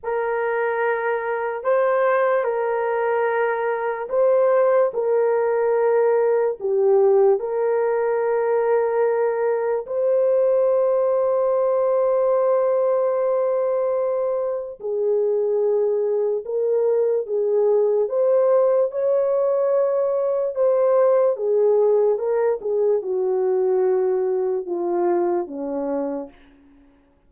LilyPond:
\new Staff \with { instrumentName = "horn" } { \time 4/4 \tempo 4 = 73 ais'2 c''4 ais'4~ | ais'4 c''4 ais'2 | g'4 ais'2. | c''1~ |
c''2 gis'2 | ais'4 gis'4 c''4 cis''4~ | cis''4 c''4 gis'4 ais'8 gis'8 | fis'2 f'4 cis'4 | }